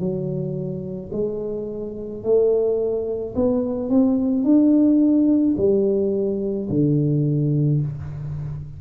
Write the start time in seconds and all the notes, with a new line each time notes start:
0.00 F#3
1.13 G#3
2.23 A3
3.35 B3
3.89 C4
4.44 D4
5.58 G3
6.70 D3